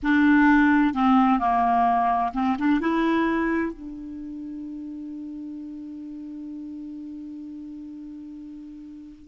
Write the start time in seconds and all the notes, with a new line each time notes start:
0.03 D4
0.94 C4
1.39 A#3
2.33 C4
2.58 D4
2.80 E4
3.73 D4